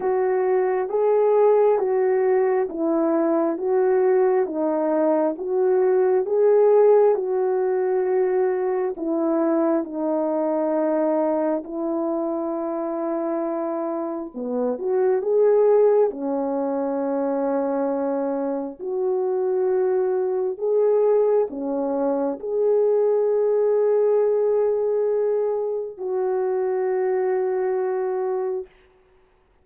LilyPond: \new Staff \with { instrumentName = "horn" } { \time 4/4 \tempo 4 = 67 fis'4 gis'4 fis'4 e'4 | fis'4 dis'4 fis'4 gis'4 | fis'2 e'4 dis'4~ | dis'4 e'2. |
b8 fis'8 gis'4 cis'2~ | cis'4 fis'2 gis'4 | cis'4 gis'2.~ | gis'4 fis'2. | }